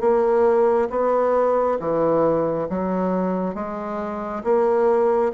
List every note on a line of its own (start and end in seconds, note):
0.00 0.88 A#3
0.89 1.78 B3
1.79 2.68 E3
2.69 3.54 F#3
3.54 4.42 G#3
4.43 5.31 A#3